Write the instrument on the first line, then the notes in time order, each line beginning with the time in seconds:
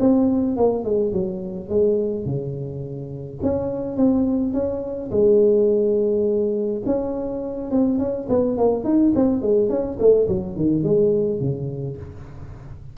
tuba
0.00 C4
0.57 A#3
0.84 G#3
1.13 F#3
1.69 G#3
2.25 C#3
3.43 C#4
3.97 C4
4.54 C#4
5.11 G#3
6.86 C#4
7.71 C4
7.99 C#4
8.29 B3
8.57 A#3
8.84 D#4
9.16 C4
9.42 G#3
9.70 C#4
10.00 A3
10.28 F#3
10.56 D#3
10.84 G#3
11.40 C#3